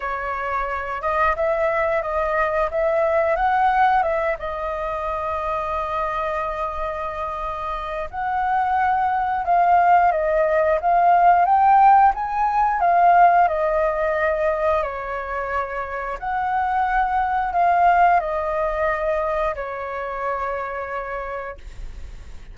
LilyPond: \new Staff \with { instrumentName = "flute" } { \time 4/4 \tempo 4 = 89 cis''4. dis''8 e''4 dis''4 | e''4 fis''4 e''8 dis''4.~ | dis''1 | fis''2 f''4 dis''4 |
f''4 g''4 gis''4 f''4 | dis''2 cis''2 | fis''2 f''4 dis''4~ | dis''4 cis''2. | }